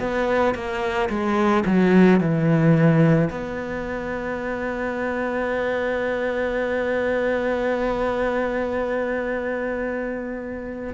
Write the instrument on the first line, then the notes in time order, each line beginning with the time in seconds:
cello
0.00 B3
0.55 A#3
1.10 G#3
1.66 F#3
2.20 E3
3.30 B3